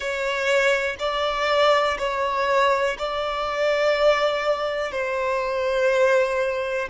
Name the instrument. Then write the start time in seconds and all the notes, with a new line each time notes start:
violin
0.00 C#5
0.99 D5
1.98 C#5
2.98 D5
4.91 C5